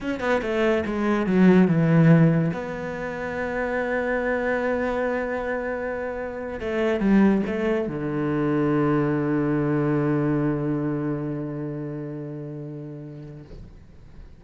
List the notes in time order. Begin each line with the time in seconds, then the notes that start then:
0.00 C#4
0.20 B3
0.42 A3
0.85 G#3
1.26 F#3
1.67 E3
2.53 B3
6.60 A3
7.00 G3
7.46 A3
7.87 D3